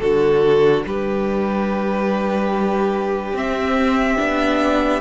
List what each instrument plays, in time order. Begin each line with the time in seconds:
0.00 cello D3, viola D4, violin F#4 A4
0.86 cello G3, violin G4 B4
3.33 cello C4, viola C4, violin E5
4.18 cello B3, viola D4